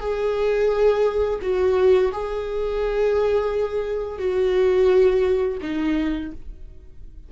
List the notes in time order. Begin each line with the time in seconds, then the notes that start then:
0.00 G#4
1.42 F#4
2.12 G#4
4.19 F#4
5.62 D#4